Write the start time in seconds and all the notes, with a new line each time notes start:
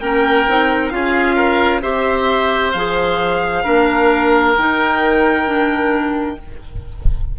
0.00 A#3 C#4 A#4 G5
0.47 C4 D#4
0.90 C#4 F4 G#4 F5
1.36 A#4
1.82 C4 G4 C5 E5
2.72 F3 G#4 F5
3.63 A#3 D4 A#4
4.56 D#3 D#4 G5
5.46 D4